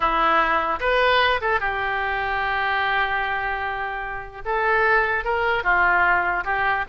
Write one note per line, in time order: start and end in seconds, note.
0.00 0.79 E4
0.79 1.40 B4
1.41 1.60 A4
1.60 4.41 G4
4.45 5.24 A4
5.24 5.63 A#4
5.63 6.44 F4
6.44 6.84 G4